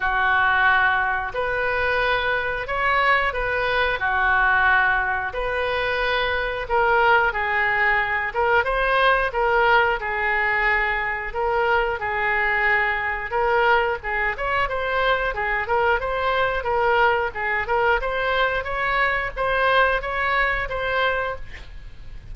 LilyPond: \new Staff \with { instrumentName = "oboe" } { \time 4/4 \tempo 4 = 90 fis'2 b'2 | cis''4 b'4 fis'2 | b'2 ais'4 gis'4~ | gis'8 ais'8 c''4 ais'4 gis'4~ |
gis'4 ais'4 gis'2 | ais'4 gis'8 cis''8 c''4 gis'8 ais'8 | c''4 ais'4 gis'8 ais'8 c''4 | cis''4 c''4 cis''4 c''4 | }